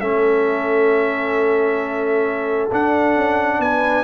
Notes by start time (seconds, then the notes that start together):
0.00 A3 C#4 A4 E5
2.71 D4 F#5
3.16 C#4
3.59 B3 B4 G#5